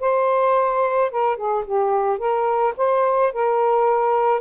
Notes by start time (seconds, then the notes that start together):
0.00 C5
1.11 A#4
1.36 G#4
1.65 G4
2.18 A#4
2.77 C5
3.32 A#4